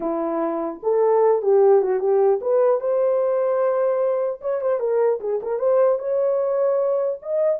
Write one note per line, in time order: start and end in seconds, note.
0.00 0.80 E4
0.83 1.42 A4
1.42 1.82 G4
1.82 1.99 F#4
1.99 2.39 G4
2.41 2.80 B4
2.80 4.40 C5
4.41 4.61 C#5
4.61 4.79 C5
4.79 5.19 A#4
5.20 5.40 G#4
5.42 5.59 A#4
5.59 5.98 C5
5.98 7.18 C#5
7.22 7.59 D#5